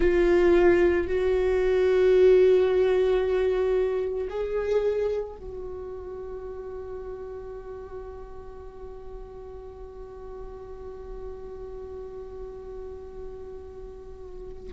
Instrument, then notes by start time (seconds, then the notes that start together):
viola
0.00 F4
1.07 F#4
4.29 G#4
5.36 F#4